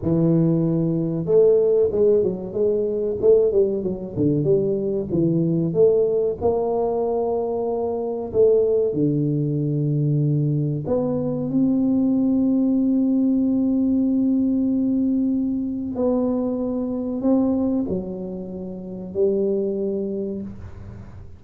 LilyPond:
\new Staff \with { instrumentName = "tuba" } { \time 4/4 \tempo 4 = 94 e2 a4 gis8 fis8 | gis4 a8 g8 fis8 d8 g4 | e4 a4 ais2~ | ais4 a4 d2~ |
d4 b4 c'2~ | c'1~ | c'4 b2 c'4 | fis2 g2 | }